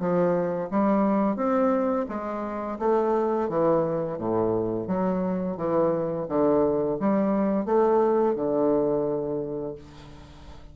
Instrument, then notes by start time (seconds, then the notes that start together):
bassoon
0.00 F3
0.71 G3
1.37 C4
2.09 G#3
2.80 A3
3.49 E3
4.19 A2
4.88 F#3
5.58 E3
6.29 D3
7.00 G3
7.66 A3
8.36 D3